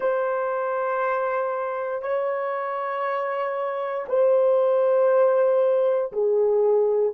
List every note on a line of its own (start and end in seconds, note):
0.00 2.02 C5
2.02 4.05 C#5
4.08 6.12 C5
6.12 7.13 G#4